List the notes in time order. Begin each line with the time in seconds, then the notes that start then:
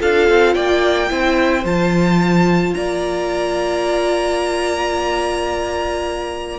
0.00 D4 F4 A4 F5
0.29 C4
0.54 A#3 D5 G5
1.08 C4 E4 C5
1.64 F3 F4 A5
2.74 A#3 D5 A#5